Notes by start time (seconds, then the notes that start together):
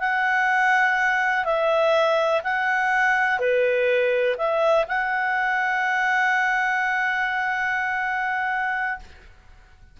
0.00 F#5
1.45 E5
2.44 F#5
3.40 B4
4.38 E5
4.88 F#5